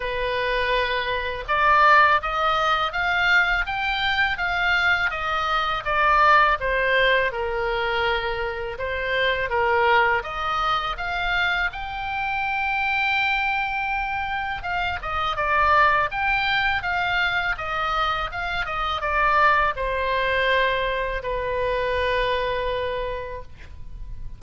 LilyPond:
\new Staff \with { instrumentName = "oboe" } { \time 4/4 \tempo 4 = 82 b'2 d''4 dis''4 | f''4 g''4 f''4 dis''4 | d''4 c''4 ais'2 | c''4 ais'4 dis''4 f''4 |
g''1 | f''8 dis''8 d''4 g''4 f''4 | dis''4 f''8 dis''8 d''4 c''4~ | c''4 b'2. | }